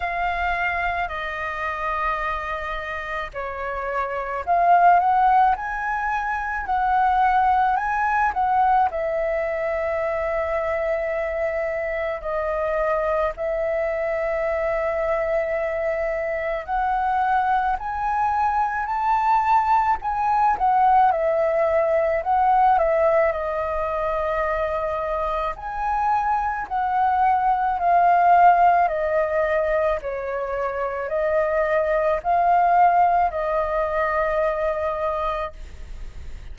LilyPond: \new Staff \with { instrumentName = "flute" } { \time 4/4 \tempo 4 = 54 f''4 dis''2 cis''4 | f''8 fis''8 gis''4 fis''4 gis''8 fis''8 | e''2. dis''4 | e''2. fis''4 |
gis''4 a''4 gis''8 fis''8 e''4 | fis''8 e''8 dis''2 gis''4 | fis''4 f''4 dis''4 cis''4 | dis''4 f''4 dis''2 | }